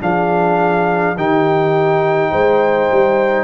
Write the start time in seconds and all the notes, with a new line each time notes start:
0.00 F3 D4 G#4 F5
1.16 D#3 D#4 G4 G5
2.31 G#3 C5
2.91 G3